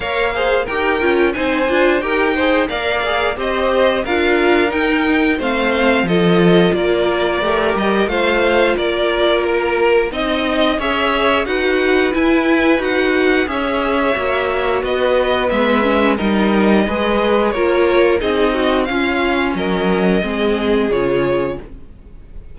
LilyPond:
<<
  \new Staff \with { instrumentName = "violin" } { \time 4/4 \tempo 4 = 89 f''4 g''4 gis''4 g''4 | f''4 dis''4 f''4 g''4 | f''4 dis''4 d''4. dis''8 | f''4 d''4 ais'4 dis''4 |
e''4 fis''4 gis''4 fis''4 | e''2 dis''4 e''4 | dis''2 cis''4 dis''4 | f''4 dis''2 cis''4 | }
  \new Staff \with { instrumentName = "violin" } { \time 4/4 cis''8 c''8 ais'4 c''4 ais'8 c''8 | d''4 c''4 ais'2 | c''4 a'4 ais'2 | c''4 ais'2 dis''4 |
cis''4 b'2. | cis''2 b'2 | ais'4 b'4 ais'4 gis'8 fis'8 | f'4 ais'4 gis'2 | }
  \new Staff \with { instrumentName = "viola" } { \time 4/4 ais'8 gis'8 g'8 f'8 dis'8 f'8 g'8 gis'8 | ais'8 gis'8 g'4 f'4 dis'4 | c'4 f'2 g'4 | f'2. dis'4 |
gis'4 fis'4 e'4 fis'4 | gis'4 fis'2 b8 cis'8 | dis'4 gis'4 f'4 dis'4 | cis'2 c'4 f'4 | }
  \new Staff \with { instrumentName = "cello" } { \time 4/4 ais4 dis'8 cis'8 c'8 d'8 dis'4 | ais4 c'4 d'4 dis'4 | a4 f4 ais4 a8 g8 | a4 ais2 c'4 |
cis'4 dis'4 e'4 dis'4 | cis'4 ais4 b4 gis4 | g4 gis4 ais4 c'4 | cis'4 fis4 gis4 cis4 | }
>>